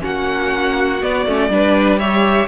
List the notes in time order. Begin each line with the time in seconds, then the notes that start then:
0.00 A#3 C#4 F#4 F#5
1.02 B3 D5
1.26 A3 C#4
1.48 G3 D4 B4
1.99 G4 C#5 E5